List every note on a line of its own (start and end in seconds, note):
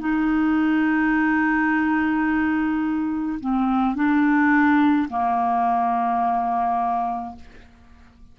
0.00 3.40 D#4
3.41 3.96 C4
3.96 5.09 D4
5.09 7.36 A#3